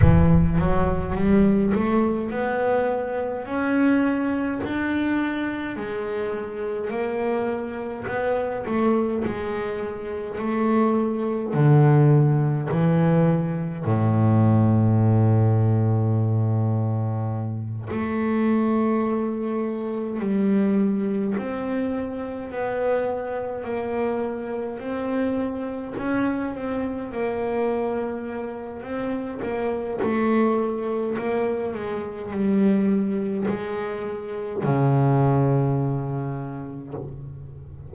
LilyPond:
\new Staff \with { instrumentName = "double bass" } { \time 4/4 \tempo 4 = 52 e8 fis8 g8 a8 b4 cis'4 | d'4 gis4 ais4 b8 a8 | gis4 a4 d4 e4 | a,2.~ a,8 a8~ |
a4. g4 c'4 b8~ | b8 ais4 c'4 cis'8 c'8 ais8~ | ais4 c'8 ais8 a4 ais8 gis8 | g4 gis4 cis2 | }